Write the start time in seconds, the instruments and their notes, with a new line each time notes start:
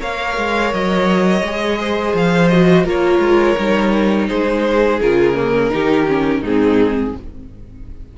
0.00 cello A#3, viola A#4, violin C#5 F5
0.37 cello G#3
0.74 cello F#3, violin D#5
1.42 cello G#3, viola G#4
1.80 violin C5
2.14 cello F3, violin F5
2.49 viola F#4, violin D#5
2.85 cello A#3, viola F4, violin A#4 C#5
3.19 cello G#3
3.58 cello G3, viola D#4
4.28 cello G#3, violin G#4 C5
5.01 cello C#3, viola F4, violin A#4
5.35 viola A#3
5.71 cello D#3, viola D#4, violin G4
6.07 viola C#4
6.40 cello G#2, violin D#4 G#4
6.47 viola C4